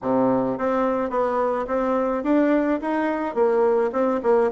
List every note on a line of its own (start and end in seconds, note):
0.02 0.58 C3
0.58 1.09 C4
1.09 1.65 B3
1.67 2.23 C4
2.23 2.79 D4
2.81 3.34 D#4
3.34 3.90 A#3
3.92 4.20 C4
4.22 4.50 A#3